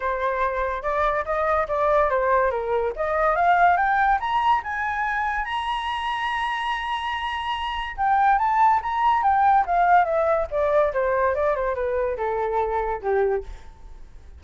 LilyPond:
\new Staff \with { instrumentName = "flute" } { \time 4/4 \tempo 4 = 143 c''2 d''4 dis''4 | d''4 c''4 ais'4 dis''4 | f''4 g''4 ais''4 gis''4~ | gis''4 ais''2.~ |
ais''2. g''4 | a''4 ais''4 g''4 f''4 | e''4 d''4 c''4 d''8 c''8 | b'4 a'2 g'4 | }